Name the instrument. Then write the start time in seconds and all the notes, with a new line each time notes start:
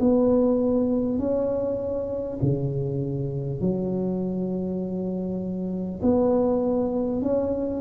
tuba
0.00 B3
1.19 C#4
2.42 C#3
3.61 F#3
6.03 B3
7.22 C#4